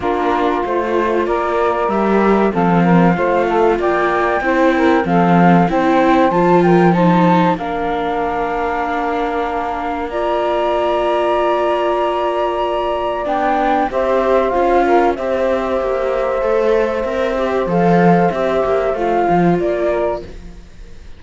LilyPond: <<
  \new Staff \with { instrumentName = "flute" } { \time 4/4 \tempo 4 = 95 ais'4 c''4 d''4 e''4 | f''2 g''2 | f''4 g''4 a''8 g''8 a''4 | f''1 |
ais''1~ | ais''4 g''4 e''4 f''4 | e''1 | f''4 e''4 f''4 d''4 | }
  \new Staff \with { instrumentName = "saxophone" } { \time 4/4 f'2 ais'2 | a'8 ais'8 c''8 a'8 d''4 c''8 ais'8 | a'4 c''4. ais'8 c''4 | ais'1 |
d''1~ | d''2 c''4. ais'8 | c''1~ | c''2.~ c''8 ais'8 | }
  \new Staff \with { instrumentName = "viola" } { \time 4/4 d'4 f'2 g'4 | c'4 f'2 e'4 | c'4 e'4 f'4 dis'4 | d'1 |
f'1~ | f'4 d'4 g'4 f'4 | g'2 a'4 ais'8 g'8 | a'4 g'4 f'2 | }
  \new Staff \with { instrumentName = "cello" } { \time 4/4 ais4 a4 ais4 g4 | f4 a4 ais4 c'4 | f4 c'4 f2 | ais1~ |
ais1~ | ais4 b4 c'4 cis'4 | c'4 ais4 a4 c'4 | f4 c'8 ais8 a8 f8 ais4 | }
>>